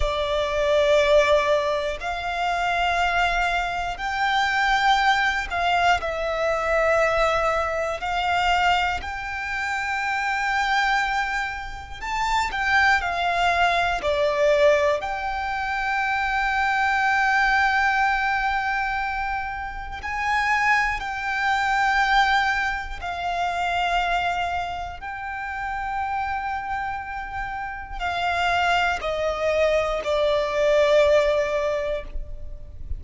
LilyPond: \new Staff \with { instrumentName = "violin" } { \time 4/4 \tempo 4 = 60 d''2 f''2 | g''4. f''8 e''2 | f''4 g''2. | a''8 g''8 f''4 d''4 g''4~ |
g''1 | gis''4 g''2 f''4~ | f''4 g''2. | f''4 dis''4 d''2 | }